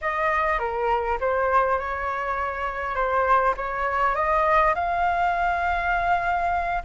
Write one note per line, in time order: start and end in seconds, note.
0.01 0.58 D#5
0.58 1.18 A#4
1.20 1.78 C5
1.78 2.95 C#5
2.95 3.54 C5
3.56 4.14 C#5
4.14 4.74 D#5
4.74 6.82 F5